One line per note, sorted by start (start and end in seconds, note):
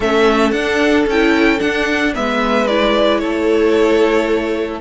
0.00 0.52 A3
0.00 0.54 C#4
0.00 2.14 A4
0.00 0.51 E5
0.51 1.05 D4
0.51 1.08 D4
0.51 1.04 F#5
1.06 1.59 C#4
1.06 1.58 E4
1.06 1.59 G5
1.58 2.12 D4
1.58 2.16 D4
1.58 2.13 F#5
2.14 3.22 G#3
2.14 2.67 B3
2.14 3.20 B4
2.14 2.67 E5
2.67 4.81 E4
2.67 3.18 D5
3.18 4.81 A3
3.18 4.81 A4
3.18 4.79 C#5